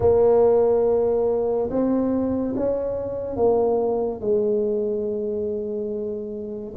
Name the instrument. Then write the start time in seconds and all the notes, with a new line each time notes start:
tuba
0.00 A#3
1.70 C4
2.56 C#4
3.36 A#3
4.21 G#3